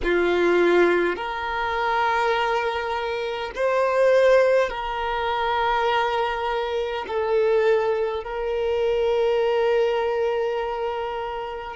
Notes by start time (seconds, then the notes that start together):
0.03 F4
1.16 A#4
3.55 C5
4.70 A#4
7.07 A4
8.24 A#4